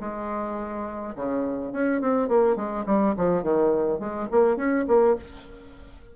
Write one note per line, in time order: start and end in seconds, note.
0.00 1.14 G#3
1.15 1.72 C#3
1.72 2.01 C#4
2.01 2.28 C4
2.28 2.56 A#3
2.56 2.85 G#3
2.86 3.15 G3
3.16 3.43 F3
3.43 3.99 D#3
3.99 4.28 G#3
4.31 4.56 A#3
4.56 4.85 C#4
4.87 5.16 A#3